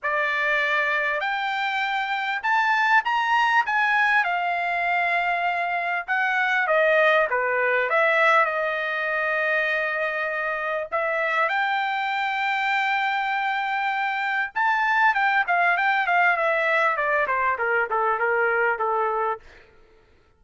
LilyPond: \new Staff \with { instrumentName = "trumpet" } { \time 4/4 \tempo 4 = 99 d''2 g''2 | a''4 ais''4 gis''4 f''4~ | f''2 fis''4 dis''4 | b'4 e''4 dis''2~ |
dis''2 e''4 g''4~ | g''1 | a''4 g''8 f''8 g''8 f''8 e''4 | d''8 c''8 ais'8 a'8 ais'4 a'4 | }